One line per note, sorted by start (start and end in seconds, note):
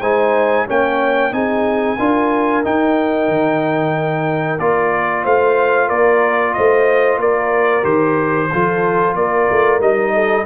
0.00 0.65 G#3
0.00 0.67 D#4
0.00 0.65 C5
0.00 0.66 G#5
0.67 1.32 A#3
0.67 1.31 C#4
0.67 1.32 C#5
0.67 1.33 G5
1.31 1.97 C4
1.31 1.96 D#4
1.31 1.98 G#4
1.31 2.63 G#5
1.98 2.64 D4
1.98 2.63 F4
1.98 5.23 A#4
2.63 4.58 D#4
2.63 3.28 D#4
2.63 4.59 G5
3.28 4.59 D#3
4.59 5.24 A#3
4.59 7.82 F4
4.59 5.24 D5
5.23 5.89 A3
5.23 5.87 C5
5.23 5.89 F5
5.87 6.55 A#3
5.87 6.52 A#4
5.87 6.53 D5
6.53 7.17 A3
6.53 7.18 C5
6.53 7.18 D#5
7.17 7.82 A#3
7.17 8.49 A#4
7.17 7.84 D5
7.82 8.49 D#3
7.82 8.48 G4
7.82 9.14 C5
8.52 9.15 F3
8.52 9.80 F4
8.52 9.17 A4
9.15 9.48 A#3
9.15 10.13 A#4
9.15 9.80 D5
9.50 9.79 A3
9.79 10.45 G3
9.79 10.45 D#4
9.79 10.45 D#5
10.13 10.45 A4